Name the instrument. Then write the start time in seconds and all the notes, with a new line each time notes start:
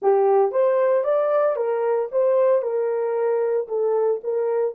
horn
0.01 G4
0.51 C5
1.04 D5
1.56 A#4
2.11 C5
2.61 A#4
3.68 A4
4.23 A#4